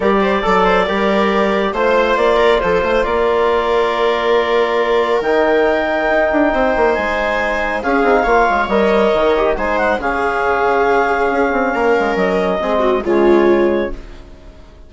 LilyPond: <<
  \new Staff \with { instrumentName = "clarinet" } { \time 4/4 \tempo 4 = 138 d''1 | c''4 d''4 c''4 d''4~ | d''1 | g''1 |
gis''2 f''2 | dis''2 gis''8 fis''8 f''4~ | f''1 | dis''2 cis''2 | }
  \new Staff \with { instrumentName = "viola" } { \time 4/4 ais'8 c''8 d''8 c''8 ais'2 | c''4. ais'8 a'8 c''8 ais'4~ | ais'1~ | ais'2. c''4~ |
c''2 gis'4 cis''4~ | cis''2 c''4 gis'4~ | gis'2. ais'4~ | ais'4 gis'8 fis'8 f'2 | }
  \new Staff \with { instrumentName = "trombone" } { \time 4/4 g'4 a'4 g'2 | f'1~ | f'1 | dis'1~ |
dis'2 cis'8 dis'8 f'4 | ais'4. g'8 dis'4 cis'4~ | cis'1~ | cis'4 c'4 gis2 | }
  \new Staff \with { instrumentName = "bassoon" } { \time 4/4 g4 fis4 g2 | a4 ais4 f8 a8 ais4~ | ais1 | dis2 dis'8 d'8 c'8 ais8 |
gis2 cis'8 c'8 ais8 gis8 | g4 dis4 gis4 cis4~ | cis2 cis'8 c'8 ais8 gis8 | fis4 gis4 cis2 | }
>>